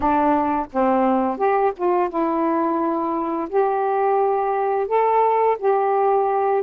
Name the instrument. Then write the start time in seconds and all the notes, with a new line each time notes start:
saxophone
0.00 D4
0.72 C4
1.37 G4
1.76 F4
2.09 E4
3.49 G4
4.87 A4
5.58 G4